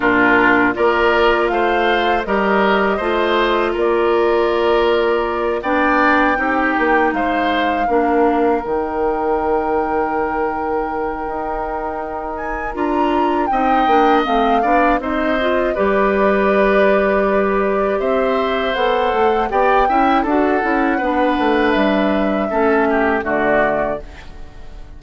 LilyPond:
<<
  \new Staff \with { instrumentName = "flute" } { \time 4/4 \tempo 4 = 80 ais'4 d''4 f''4 dis''4~ | dis''4 d''2~ d''8 g''8~ | g''4. f''2 g''8~ | g''1~ |
g''8 gis''8 ais''4 g''4 f''4 | dis''4 d''2. | e''4 fis''4 g''4 fis''4~ | fis''4 e''2 d''4 | }
  \new Staff \with { instrumentName = "oboe" } { \time 4/4 f'4 ais'4 c''4 ais'4 | c''4 ais'2~ ais'8 d''8~ | d''8 g'4 c''4 ais'4.~ | ais'1~ |
ais'2 dis''4. d''8 | c''4 b'2. | c''2 d''8 e''8 a'4 | b'2 a'8 g'8 fis'4 | }
  \new Staff \with { instrumentName = "clarinet" } { \time 4/4 d'4 f'2 g'4 | f'2.~ f'8 d'8~ | d'8 dis'2 d'4 dis'8~ | dis'1~ |
dis'4 f'4 dis'8 d'8 c'8 d'8 | dis'8 f'8 g'2.~ | g'4 a'4 g'8 e'8 fis'8 e'8 | d'2 cis'4 a4 | }
  \new Staff \with { instrumentName = "bassoon" } { \time 4/4 ais,4 ais4 a4 g4 | a4 ais2~ ais8 b8~ | b8 c'8 ais8 gis4 ais4 dis8~ | dis2. dis'4~ |
dis'4 d'4 c'8 ais8 a8 b8 | c'4 g2. | c'4 b8 a8 b8 cis'8 d'8 cis'8 | b8 a8 g4 a4 d4 | }
>>